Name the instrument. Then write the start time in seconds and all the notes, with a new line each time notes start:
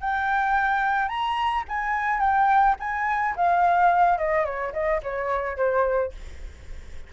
flute
0.00 G5
1.08 A#5
1.68 G#5
2.20 G5
2.79 G#5
3.36 F5
4.18 D#5
4.44 C#5
4.72 D#5
5.03 C#5
5.57 C5